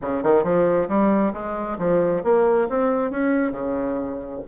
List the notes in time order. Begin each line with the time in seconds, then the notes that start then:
0.01 C#3
0.23 D#3
0.43 F3
0.88 G3
1.33 G#3
1.78 F3
2.23 A#3
2.69 C4
3.10 C#4
3.51 C#3